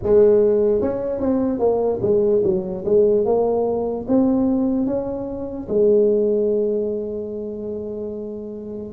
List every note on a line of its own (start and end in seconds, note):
0.03 0.81 G#3
0.81 1.19 C#4
1.19 1.59 C4
1.59 1.99 A#3
2.02 2.42 G#3
2.44 2.84 F#3
2.85 3.25 G#3
3.25 4.06 A#3
4.08 4.86 C4
4.86 5.67 C#4
5.68 8.92 G#3